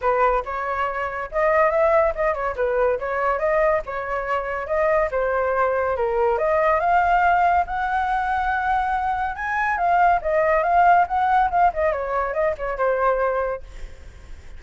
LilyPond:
\new Staff \with { instrumentName = "flute" } { \time 4/4 \tempo 4 = 141 b'4 cis''2 dis''4 | e''4 dis''8 cis''8 b'4 cis''4 | dis''4 cis''2 dis''4 | c''2 ais'4 dis''4 |
f''2 fis''2~ | fis''2 gis''4 f''4 | dis''4 f''4 fis''4 f''8 dis''8 | cis''4 dis''8 cis''8 c''2 | }